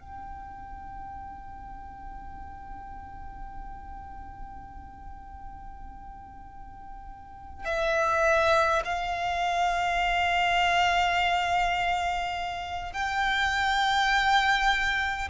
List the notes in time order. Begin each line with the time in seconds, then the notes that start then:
0.00 G5
7.65 E5
8.85 F5
12.93 G5